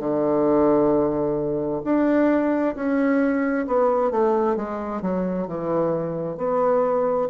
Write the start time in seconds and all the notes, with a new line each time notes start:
0.00 D3
1.85 D4
2.76 C#4
3.67 B3
4.12 A3
4.57 G#3
5.02 F#3
5.48 E3
6.38 B3